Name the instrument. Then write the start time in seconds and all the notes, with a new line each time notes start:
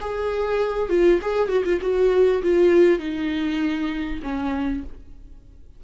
viola
0.00 G#4
0.89 F4
1.21 G#4
1.48 F#4
1.64 F4
1.81 F#4
2.42 F4
2.99 D#4
4.22 C#4